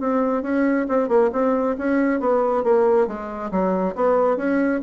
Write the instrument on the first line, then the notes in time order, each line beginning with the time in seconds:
bassoon
0.00 C4
0.42 C#4
0.88 C4
1.08 A#3
1.32 C4
1.78 C#4
2.20 B3
2.63 A#3
3.07 G#3
3.51 F#3
3.95 B3
4.37 C#4